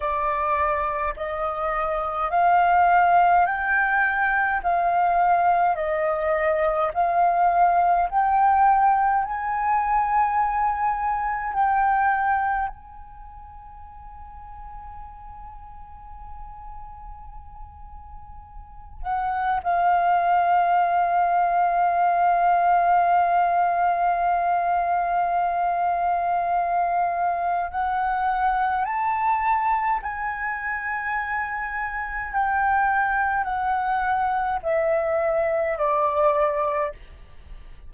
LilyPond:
\new Staff \with { instrumentName = "flute" } { \time 4/4 \tempo 4 = 52 d''4 dis''4 f''4 g''4 | f''4 dis''4 f''4 g''4 | gis''2 g''4 gis''4~ | gis''1~ |
gis''8 fis''8 f''2.~ | f''1 | fis''4 a''4 gis''2 | g''4 fis''4 e''4 d''4 | }